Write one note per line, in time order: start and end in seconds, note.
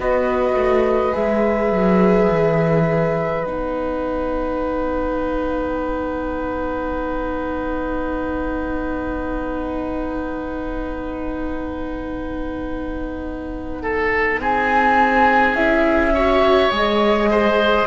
0.00 0.55 B3
0.00 1.12 F#4
0.00 13.83 B4
0.00 1.15 D#5
0.55 1.13 A3
1.12 1.72 G#3
1.12 3.43 G#4
1.12 3.45 E5
1.72 2.29 F#3
2.32 3.45 E3
3.45 14.40 B3
3.45 15.57 D#4
3.45 14.41 F#5
13.83 14.40 A4
14.40 15.55 C4
14.40 16.14 G#4
14.40 15.56 G#5
15.55 16.71 C#4
15.55 16.14 E4
15.55 16.72 E5
16.14 16.72 F#4
16.14 17.30 C#5
16.72 17.87 G#3
16.72 17.87 G#4
16.72 17.87 D#5
17.31 17.87 C5